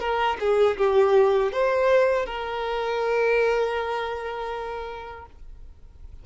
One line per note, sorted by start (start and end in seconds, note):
0.00 0.38 A#4
0.40 0.77 G#4
0.78 1.52 G4
1.52 2.26 C5
2.26 5.26 A#4